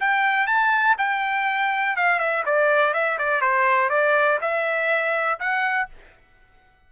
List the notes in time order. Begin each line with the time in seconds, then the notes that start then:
0.00 G5
0.47 A5
0.98 G5
1.96 F5
2.19 E5
2.46 D5
2.94 E5
3.19 D5
3.41 C5
3.90 D5
4.41 E5
5.40 F#5